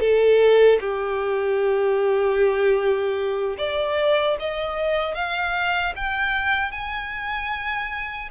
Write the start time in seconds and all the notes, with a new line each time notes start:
0.00 A4
0.80 G4
3.58 D5
4.39 D#5
5.15 F5
5.96 G5
6.71 G#5